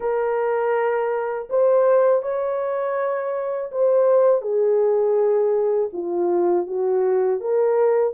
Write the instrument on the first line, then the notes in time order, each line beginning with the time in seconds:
horn
0.00 A#4
1.49 C5
2.22 C#5
3.71 C5
4.41 G#4
5.93 F4
6.67 F#4
7.40 A#4